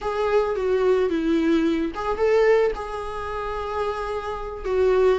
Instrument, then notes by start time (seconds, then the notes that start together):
viola
0.01 G#4
0.55 F#4
1.09 E4
1.94 G#4
2.17 A4
2.75 G#4
4.64 F#4